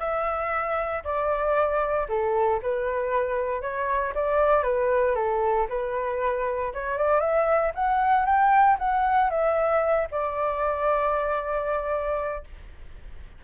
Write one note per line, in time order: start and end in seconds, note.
0.00 1.03 E5
1.04 2.08 D5
2.09 2.61 A4
2.63 3.62 B4
3.62 4.14 C#5
4.15 4.64 D5
4.64 5.15 B4
5.16 5.67 A4
5.69 6.73 B4
6.74 6.98 C#5
6.98 7.21 D5
7.21 7.72 E5
7.75 8.26 F#5
8.26 8.78 G5
8.79 9.30 F#5
9.30 10.08 E5
10.11 12.44 D5